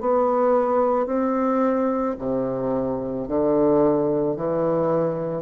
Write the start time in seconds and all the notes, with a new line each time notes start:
0.00 B3
1.06 C4
2.18 C3
3.27 D3
4.36 E3